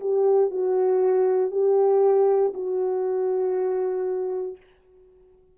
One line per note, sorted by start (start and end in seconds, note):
0.00 0.50 G4
0.50 1.51 F#4
1.51 2.52 G4
2.53 4.57 F#4